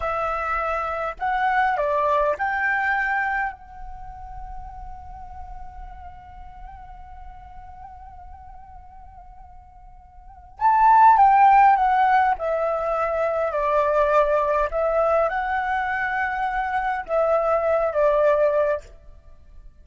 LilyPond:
\new Staff \with { instrumentName = "flute" } { \time 4/4 \tempo 4 = 102 e''2 fis''4 d''4 | g''2 fis''2~ | fis''1~ | fis''1~ |
fis''2 a''4 g''4 | fis''4 e''2 d''4~ | d''4 e''4 fis''2~ | fis''4 e''4. d''4. | }